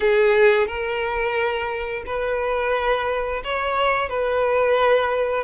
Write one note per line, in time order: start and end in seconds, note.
0.00 0.67 G#4
0.67 2.03 A#4
2.05 3.42 B4
3.44 4.09 C#5
4.09 5.44 B4